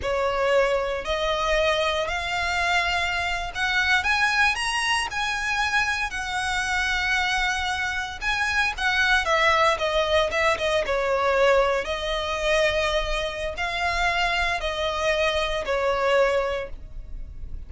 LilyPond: \new Staff \with { instrumentName = "violin" } { \time 4/4 \tempo 4 = 115 cis''2 dis''2 | f''2~ f''8. fis''4 gis''16~ | gis''8. ais''4 gis''2 fis''16~ | fis''2.~ fis''8. gis''16~ |
gis''8. fis''4 e''4 dis''4 e''16~ | e''16 dis''8 cis''2 dis''4~ dis''16~ | dis''2 f''2 | dis''2 cis''2 | }